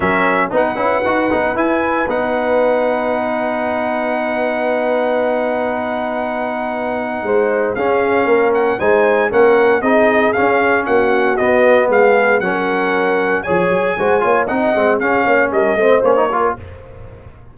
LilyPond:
<<
  \new Staff \with { instrumentName = "trumpet" } { \time 4/4 \tempo 4 = 116 e''4 fis''2 gis''4 | fis''1~ | fis''1~ | fis''2. f''4~ |
f''8 fis''8 gis''4 fis''4 dis''4 | f''4 fis''4 dis''4 f''4 | fis''2 gis''2 | fis''4 f''4 dis''4 cis''4 | }
  \new Staff \with { instrumentName = "horn" } { \time 4/4 ais'4 b'2.~ | b'1~ | b'1~ | b'2 c''4 gis'4 |
ais'4 c''4 ais'4 gis'4~ | gis'4 fis'2 gis'4 | ais'2 cis''4 c''8 cis''8 | dis''4 gis'8 cis''8 ais'8 c''4 ais'8 | }
  \new Staff \with { instrumentName = "trombone" } { \time 4/4 cis'4 dis'8 e'8 fis'8 dis'8 e'4 | dis'1~ | dis'1~ | dis'2. cis'4~ |
cis'4 dis'4 cis'4 dis'4 | cis'2 b2 | cis'2 gis'4 fis'8 f'8 | dis'8 c'8 cis'4. c'8 cis'16 dis'16 f'8 | }
  \new Staff \with { instrumentName = "tuba" } { \time 4/4 fis4 b8 cis'8 dis'8 b8 e'4 | b1~ | b1~ | b2 gis4 cis'4 |
ais4 gis4 ais4 c'4 | cis'4 ais4 b4 gis4 | fis2 f8 fis8 gis8 ais8 | c'8 gis8 cis'8 ais8 g8 a8 ais4 | }
>>